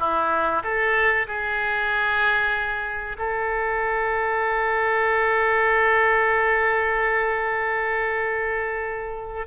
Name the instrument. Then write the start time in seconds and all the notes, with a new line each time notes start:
oboe
0.00 E4
0.64 A4
1.27 G#4
3.19 A4